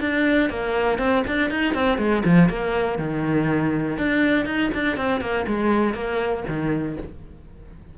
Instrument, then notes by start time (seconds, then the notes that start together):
cello
0.00 D4
0.50 A#3
0.98 C4
1.28 D4
1.50 D#4
1.74 C4
1.98 G#3
2.25 F3
2.50 A#3
2.98 D#3
3.98 D4
4.46 D#4
4.74 D4
4.97 C4
5.21 A#3
5.47 G#3
5.94 A#3
6.48 D#3